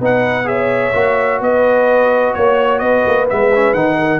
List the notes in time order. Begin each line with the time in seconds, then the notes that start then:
0.00 B3 D#4 B4 F#5
0.45 G#4 C#5 E5
0.93 A#3 F#4
1.41 B3 B4 D#5
2.34 A#3 C#5
2.79 B3 B4 D#5
3.07 A#3
3.28 G#3 B3 E5
3.55 C#4
3.74 D#3 D#4 F#5
3.99 A#4